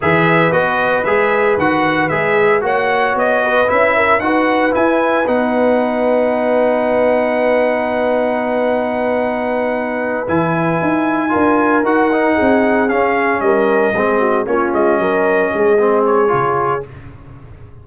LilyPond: <<
  \new Staff \with { instrumentName = "trumpet" } { \time 4/4 \tempo 4 = 114 e''4 dis''4 e''4 fis''4 | e''4 fis''4 dis''4 e''4 | fis''4 gis''4 fis''2~ | fis''1~ |
fis''2.~ fis''8 gis''8~ | gis''2~ gis''8 fis''4.~ | fis''8 f''4 dis''2 cis''8 | dis''2~ dis''8 cis''4. | }
  \new Staff \with { instrumentName = "horn" } { \time 4/4 b'1~ | b'4 cis''4. b'4 ais'8 | b'1~ | b'1~ |
b'1~ | b'4. ais'2 gis'8~ | gis'4. ais'4 gis'8 fis'8 f'8~ | f'8 ais'4 gis'2~ gis'8 | }
  \new Staff \with { instrumentName = "trombone" } { \time 4/4 gis'4 fis'4 gis'4 fis'4 | gis'4 fis'2 e'4 | fis'4 e'4 dis'2~ | dis'1~ |
dis'2.~ dis'8 e'8~ | e'4. f'4 fis'8 dis'4~ | dis'8 cis'2 c'4 cis'8~ | cis'2 c'4 f'4 | }
  \new Staff \with { instrumentName = "tuba" } { \time 4/4 e4 b4 gis4 dis4 | gis4 ais4 b4 cis'4 | dis'4 e'4 b2~ | b1~ |
b2.~ b8 e8~ | e8 dis'4 d'4 dis'4 c'8~ | c'8 cis'4 g4 gis4 ais8 | gis8 fis4 gis4. cis4 | }
>>